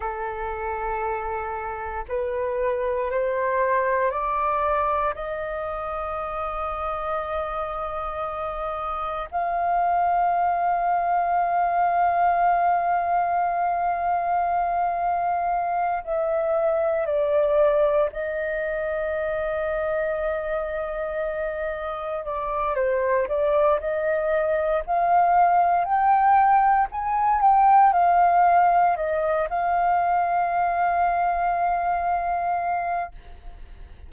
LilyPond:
\new Staff \with { instrumentName = "flute" } { \time 4/4 \tempo 4 = 58 a'2 b'4 c''4 | d''4 dis''2.~ | dis''4 f''2.~ | f''2.~ f''8 e''8~ |
e''8 d''4 dis''2~ dis''8~ | dis''4. d''8 c''8 d''8 dis''4 | f''4 g''4 gis''8 g''8 f''4 | dis''8 f''2.~ f''8 | }